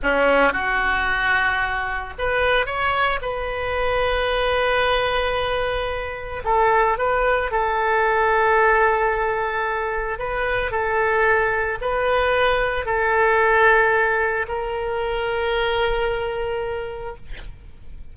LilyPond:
\new Staff \with { instrumentName = "oboe" } { \time 4/4 \tempo 4 = 112 cis'4 fis'2. | b'4 cis''4 b'2~ | b'1 | a'4 b'4 a'2~ |
a'2. b'4 | a'2 b'2 | a'2. ais'4~ | ais'1 | }